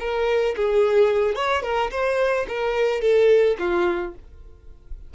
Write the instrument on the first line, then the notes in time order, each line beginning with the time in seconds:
violin
0.00 A#4
0.57 G#4
1.36 C#5
1.63 A#4
1.91 C5
2.49 A#4
3.02 A4
3.59 F4